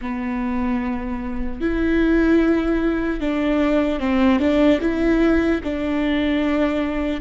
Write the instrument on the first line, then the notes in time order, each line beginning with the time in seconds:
viola
0.01 B3
1.60 E4
3.20 D4
3.99 C4
4.39 D4
4.80 E4
5.63 D4